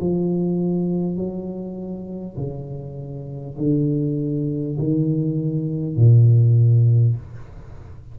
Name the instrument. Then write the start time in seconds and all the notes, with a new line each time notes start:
tuba
0.00 F3
1.16 F#3
2.37 C#3
3.58 D3
4.79 D#3
5.96 A#2